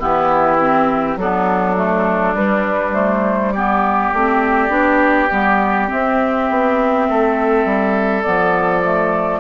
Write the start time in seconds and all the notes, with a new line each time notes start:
0.00 E3 B3 E4 G4
0.60 C4
1.16 F#3 B3 D4 A4
1.77 A3
2.34 G3 B4
2.94 A3 C5
3.53 B3 G4 D5
4.14 A3 C4
4.70 B3 D4
5.32 G3 B3
5.88 C4 E5
6.50 B3
7.09 A3 A4
7.65 G3
8.23 F3 B3 D5
8.84 A3